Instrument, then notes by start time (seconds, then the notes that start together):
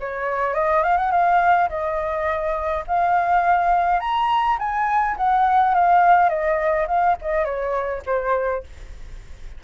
flute
0.00 C#5
0.54 D#5
0.83 F5
0.97 F#5
1.11 F5
1.69 D#5
2.87 F5
4.00 A#5
4.59 G#5
5.17 F#5
5.74 F5
6.29 D#5
6.87 F5
7.22 D#5
7.45 C#5
8.06 C5